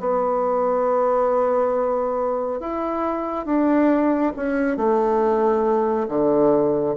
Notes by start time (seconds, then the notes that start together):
0.00 B3
2.60 E4
3.46 D4
4.37 C#4
4.77 A3
6.09 D3